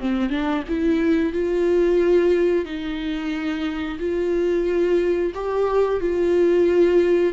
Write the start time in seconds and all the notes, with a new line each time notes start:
0.00 C4
0.30 D4
0.68 E4
1.33 F4
2.65 D#4
3.99 F4
5.35 G4
6.01 F4